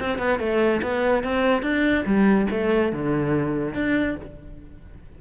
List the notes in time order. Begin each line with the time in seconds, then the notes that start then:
0.00 C4
0.19 B3
0.39 A3
0.83 B3
1.24 C4
1.63 D4
2.06 G3
2.51 A3
2.93 D3
3.75 D4